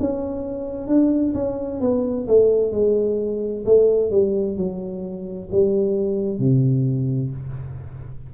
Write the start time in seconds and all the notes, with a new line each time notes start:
0.00 C#4
0.88 D4
1.35 C#4
1.81 B3
2.28 A3
2.72 G#3
3.65 A3
4.11 G3
4.57 F#3
5.52 G3
6.39 C3